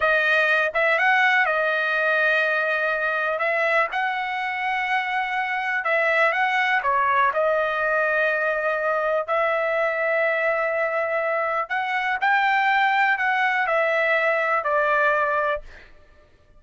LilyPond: \new Staff \with { instrumentName = "trumpet" } { \time 4/4 \tempo 4 = 123 dis''4. e''8 fis''4 dis''4~ | dis''2. e''4 | fis''1 | e''4 fis''4 cis''4 dis''4~ |
dis''2. e''4~ | e''1 | fis''4 g''2 fis''4 | e''2 d''2 | }